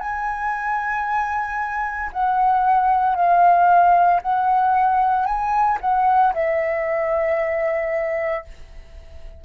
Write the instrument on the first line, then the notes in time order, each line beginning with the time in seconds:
flute
0.00 G#5
2.13 F#5
3.16 F5
4.22 F#5
5.25 G#5
5.81 F#5
6.34 E5